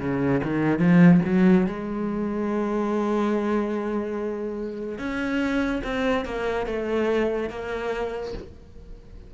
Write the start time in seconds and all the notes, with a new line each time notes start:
0.00 C#3
0.44 D#3
0.79 F3
1.25 F#3
1.67 G#3
4.99 C#4
5.84 C4
6.25 A#3
6.67 A3
7.50 A#3